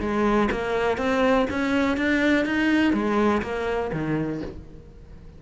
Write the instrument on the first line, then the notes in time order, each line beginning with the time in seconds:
cello
0.00 G#3
0.51 A#3
0.97 C4
1.50 C#4
1.97 D4
2.45 D#4
2.93 G#3
3.42 A#3
3.92 D#3